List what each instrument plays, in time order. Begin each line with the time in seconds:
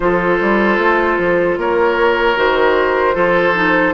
0.00 bassoon F3, clarinet F4, oboe A4, flute C5
0.40 bassoon G3
0.78 bassoon A3
1.18 bassoon F3
1.57 bassoon A#3, oboe A#4, flute C#5
2.36 bassoon D#3, clarinet F#4, flute C5
3.14 bassoon F3, clarinet F4, oboe A4
3.54 clarinet D#4